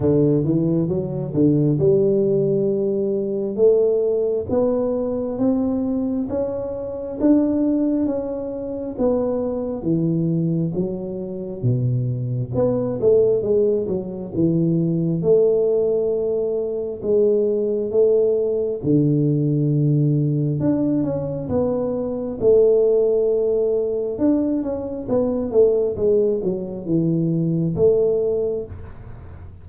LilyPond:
\new Staff \with { instrumentName = "tuba" } { \time 4/4 \tempo 4 = 67 d8 e8 fis8 d8 g2 | a4 b4 c'4 cis'4 | d'4 cis'4 b4 e4 | fis4 b,4 b8 a8 gis8 fis8 |
e4 a2 gis4 | a4 d2 d'8 cis'8 | b4 a2 d'8 cis'8 | b8 a8 gis8 fis8 e4 a4 | }